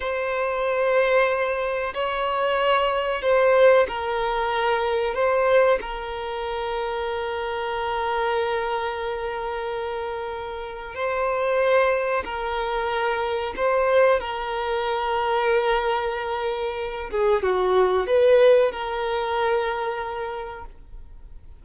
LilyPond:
\new Staff \with { instrumentName = "violin" } { \time 4/4 \tempo 4 = 93 c''2. cis''4~ | cis''4 c''4 ais'2 | c''4 ais'2.~ | ais'1~ |
ais'4 c''2 ais'4~ | ais'4 c''4 ais'2~ | ais'2~ ais'8 gis'8 fis'4 | b'4 ais'2. | }